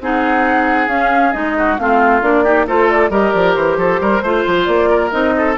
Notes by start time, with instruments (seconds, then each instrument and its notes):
0.00 bassoon C4, clarinet D#4, oboe G#4, flute F#5
0.88 bassoon C#4, clarinet C#4, flute F5
1.32 bassoon G#3, clarinet D#4, flute D#5
1.58 oboe F#4
1.77 bassoon A3, clarinet C4, oboe F4, flute F5
2.22 bassoon A#3, clarinet D4, flute D5
2.44 clarinet D#4, oboe G4
2.67 bassoon A3, clarinet F4, oboe A4, flute C5
2.89 flute D5
3.10 bassoon G3, clarinet G4, oboe A#4, flute D#5
3.32 bassoon F3, flute D5
3.54 bassoon E3, flute C5
3.77 bassoon F3, oboe A4
4.00 bassoon G3, oboe A#4
4.22 bassoon A3, clarinet F4, oboe C5
4.46 bassoon F3
4.65 bassoon A#3, flute D5
4.90 oboe A#4
5.11 bassoon C4, clarinet D#4, flute D#5
5.37 oboe A4